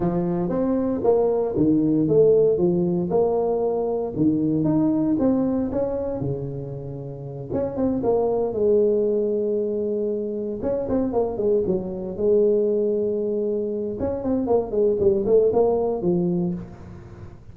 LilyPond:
\new Staff \with { instrumentName = "tuba" } { \time 4/4 \tempo 4 = 116 f4 c'4 ais4 dis4 | a4 f4 ais2 | dis4 dis'4 c'4 cis'4 | cis2~ cis8 cis'8 c'8 ais8~ |
ais8 gis2.~ gis8~ | gis8 cis'8 c'8 ais8 gis8 fis4 gis8~ | gis2. cis'8 c'8 | ais8 gis8 g8 a8 ais4 f4 | }